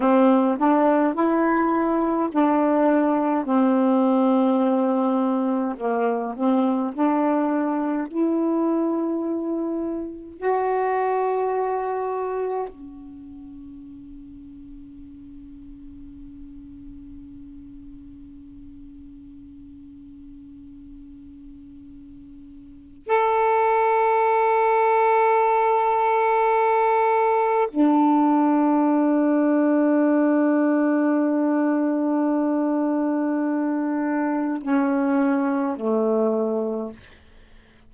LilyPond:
\new Staff \with { instrumentName = "saxophone" } { \time 4/4 \tempo 4 = 52 c'8 d'8 e'4 d'4 c'4~ | c'4 ais8 c'8 d'4 e'4~ | e'4 fis'2 cis'4~ | cis'1~ |
cis'1 | a'1 | d'1~ | d'2 cis'4 a4 | }